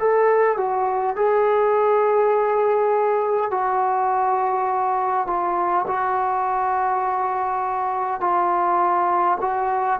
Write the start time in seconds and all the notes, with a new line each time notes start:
0.00 A4
0.58 F#4
1.17 G#4
3.51 F#4
5.27 F4
5.88 F#4
8.20 F4
9.41 F#4